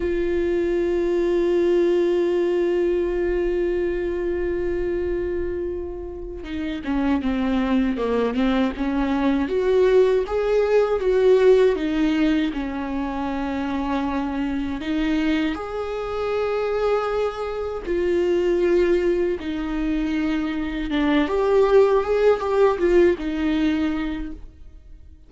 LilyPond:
\new Staff \with { instrumentName = "viola" } { \time 4/4 \tempo 4 = 79 f'1~ | f'1~ | f'8 dis'8 cis'8 c'4 ais8 c'8 cis'8~ | cis'8 fis'4 gis'4 fis'4 dis'8~ |
dis'8 cis'2. dis'8~ | dis'8 gis'2. f'8~ | f'4. dis'2 d'8 | g'4 gis'8 g'8 f'8 dis'4. | }